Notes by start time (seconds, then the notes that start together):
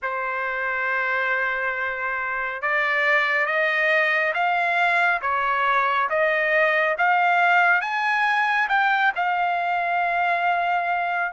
0.02 C5
2.62 D5
3.46 D#5
4.34 F5
5.21 C#5
6.09 D#5
6.98 F5
7.81 G#5
8.68 G5
9.15 F5